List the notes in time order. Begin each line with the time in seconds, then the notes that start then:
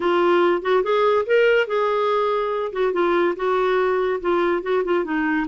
0.00 F4
0.62 F#4
0.83 G#4
1.26 A#4
1.67 G#4
2.72 F#4
2.92 F4
3.36 F#4
4.21 F4
4.62 F#4
4.84 F4
5.04 D#4